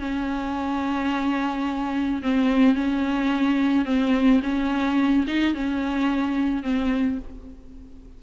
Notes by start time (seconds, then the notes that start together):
0.00 C#4
2.22 C4
2.76 C#4
3.86 C4
4.43 C#4
5.27 D#4
5.55 C#4
6.63 C4